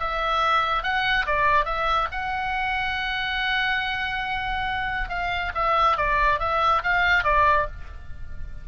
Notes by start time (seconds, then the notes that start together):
0.00 E5
0.83 F#5
1.26 D5
1.65 E5
2.11 F#5
5.09 F5
5.55 E5
5.97 D5
6.39 E5
6.83 F5
7.24 D5